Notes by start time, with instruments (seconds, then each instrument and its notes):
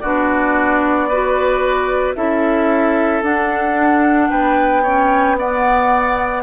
0.00 bassoon B3, clarinet D4, oboe F#4, flute D5
1.09 clarinet F#4, oboe B4
2.15 bassoon C#4, clarinet E4, oboe A4, flute E5
3.23 bassoon D4, clarinet D4, flute F#5
4.30 bassoon B3, oboe B4, flute G5
4.83 clarinet C#4, oboe C#5
5.38 clarinet B3, oboe D5, flute F#5